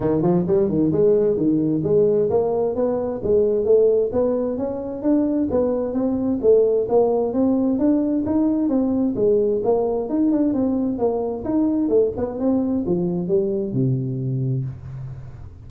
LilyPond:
\new Staff \with { instrumentName = "tuba" } { \time 4/4 \tempo 4 = 131 dis8 f8 g8 dis8 gis4 dis4 | gis4 ais4 b4 gis4 | a4 b4 cis'4 d'4 | b4 c'4 a4 ais4 |
c'4 d'4 dis'4 c'4 | gis4 ais4 dis'8 d'8 c'4 | ais4 dis'4 a8 b8 c'4 | f4 g4 c2 | }